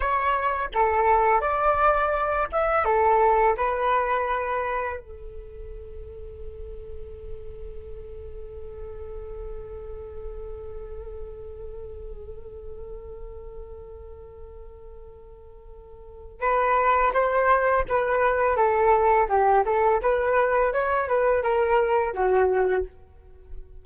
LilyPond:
\new Staff \with { instrumentName = "flute" } { \time 4/4 \tempo 4 = 84 cis''4 a'4 d''4. e''8 | a'4 b'2 a'4~ | a'1~ | a'1~ |
a'1~ | a'2. b'4 | c''4 b'4 a'4 g'8 a'8 | b'4 cis''8 b'8 ais'4 fis'4 | }